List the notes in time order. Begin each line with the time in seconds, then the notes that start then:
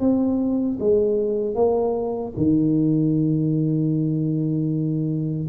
0.00 C4
0.80 G#3
1.55 A#3
2.37 D#3